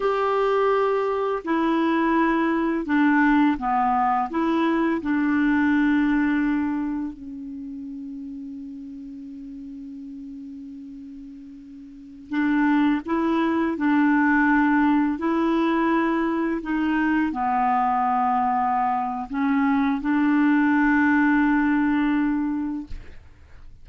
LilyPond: \new Staff \with { instrumentName = "clarinet" } { \time 4/4 \tempo 4 = 84 g'2 e'2 | d'4 b4 e'4 d'4~ | d'2 cis'2~ | cis'1~ |
cis'4~ cis'16 d'4 e'4 d'8.~ | d'4~ d'16 e'2 dis'8.~ | dis'16 b2~ b8. cis'4 | d'1 | }